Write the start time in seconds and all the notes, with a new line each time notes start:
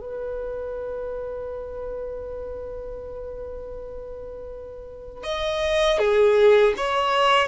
0.00 B4
5.23 D#5
5.98 G#4
6.76 C#5